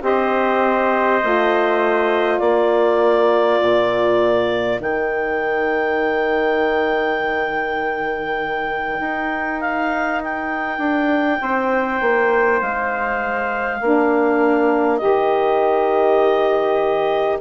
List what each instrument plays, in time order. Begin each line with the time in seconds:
0.00 bassoon C4, saxophone G4, trumpet C5, clarinet D#5
1.22 bassoon A3, saxophone F4
2.39 bassoon A#3, trumpet A#4, clarinet D5
3.61 bassoon A#2
4.79 bassoon D#3, saxophone D#4, clarinet G5
9.00 bassoon D#4
9.61 clarinet F5
10.24 clarinet G5
10.78 bassoon D4
11.41 bassoon C4, trumpet C5
12.01 bassoon A#3
12.61 bassoon G#3, clarinet F5
13.81 bassoon A#3, saxophone D4, trumpet A#4
14.97 bassoon D#3, saxophone G4, clarinet D#5